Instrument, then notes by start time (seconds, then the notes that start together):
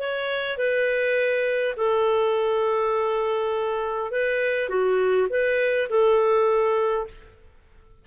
clarinet
0.00 C#5
0.58 B4
1.77 A4
4.11 B4
4.69 F#4
5.30 B4
5.90 A4